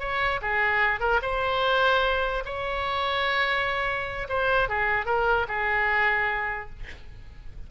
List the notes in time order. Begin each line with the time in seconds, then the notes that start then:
0.00 C#5
0.42 G#4
1.00 A#4
1.22 C5
2.45 C#5
4.29 C5
4.69 G#4
5.06 A#4
5.48 G#4